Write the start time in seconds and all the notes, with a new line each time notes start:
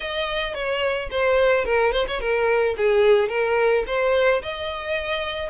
0.00 D#5
0.54 C#5
1.11 C5
1.65 A#4
1.92 C5
2.07 C#5
2.20 A#4
2.77 G#4
3.29 A#4
3.87 C5
4.42 D#5